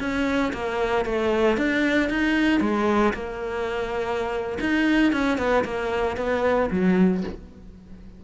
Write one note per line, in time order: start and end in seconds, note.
0.00 0.53 C#4
0.53 1.06 A#3
1.06 1.57 A3
1.57 2.10 D4
2.10 2.61 D#4
2.61 3.13 G#3
3.14 4.59 A#3
4.61 5.12 D#4
5.12 5.38 C#4
5.38 5.64 B3
5.65 6.17 A#3
6.17 6.70 B3
6.71 7.24 F#3